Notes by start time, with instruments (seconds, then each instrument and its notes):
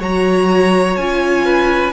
0.00 cello F#3, viola F#4, violin C#5 A#5
0.96 cello C#4, viola F4, violin G#5
1.45 violin B4